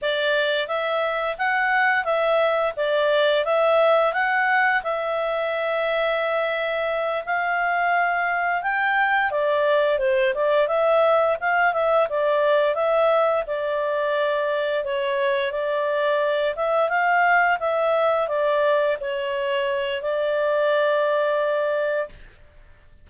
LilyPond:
\new Staff \with { instrumentName = "clarinet" } { \time 4/4 \tempo 4 = 87 d''4 e''4 fis''4 e''4 | d''4 e''4 fis''4 e''4~ | e''2~ e''8 f''4.~ | f''8 g''4 d''4 c''8 d''8 e''8~ |
e''8 f''8 e''8 d''4 e''4 d''8~ | d''4. cis''4 d''4. | e''8 f''4 e''4 d''4 cis''8~ | cis''4 d''2. | }